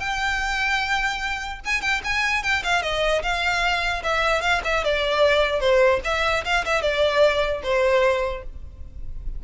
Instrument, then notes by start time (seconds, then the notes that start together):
violin
0.00 G5
1.65 G#5
1.82 G5
2.04 G#5
2.43 G5
2.64 F5
2.83 D#5
3.23 F5
4.03 E5
4.42 F5
4.65 E5
4.84 D5
5.61 C5
6.05 E5
6.45 F5
6.65 E5
6.82 D5
7.63 C5